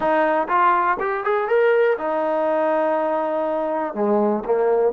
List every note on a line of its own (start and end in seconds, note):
0.00 0.47 D#4
0.48 0.97 F4
0.99 1.24 G4
1.24 1.48 G#4
1.48 1.97 A#4
1.97 3.94 D#4
3.94 4.43 G#3
4.45 4.92 A#3